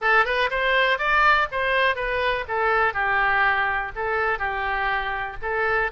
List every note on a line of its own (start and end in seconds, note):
0.01 0.25 A4
0.25 0.49 B4
0.50 0.98 C5
0.98 1.47 D5
1.51 1.95 C5
1.95 2.45 B4
2.47 2.93 A4
2.93 3.91 G4
3.95 4.38 A4
4.38 5.37 G4
5.41 5.91 A4